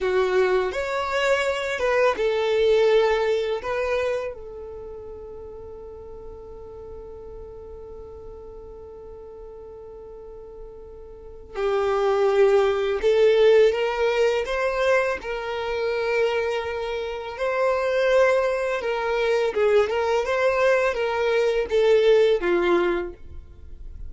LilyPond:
\new Staff \with { instrumentName = "violin" } { \time 4/4 \tempo 4 = 83 fis'4 cis''4. b'8 a'4~ | a'4 b'4 a'2~ | a'1~ | a'1 |
g'2 a'4 ais'4 | c''4 ais'2. | c''2 ais'4 gis'8 ais'8 | c''4 ais'4 a'4 f'4 | }